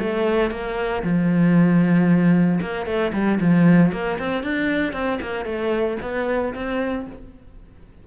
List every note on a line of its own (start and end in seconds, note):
0.00 0.51 A3
0.51 1.03 A#3
1.04 2.61 F3
2.62 2.86 A#3
2.86 3.12 A3
3.13 3.39 G3
3.41 3.92 F3
3.92 4.18 A#3
4.19 4.43 C4
4.43 4.93 D4
4.93 5.19 C4
5.22 5.45 A#3
5.45 5.98 A3
6.02 6.54 B3
6.55 7.07 C4